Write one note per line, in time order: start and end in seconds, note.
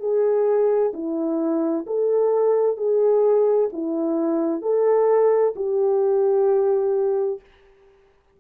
0.00 0.92 G#4
0.93 1.85 E4
1.87 2.77 A4
2.77 3.69 G#4
3.73 4.62 E4
4.62 5.54 A4
5.56 7.41 G4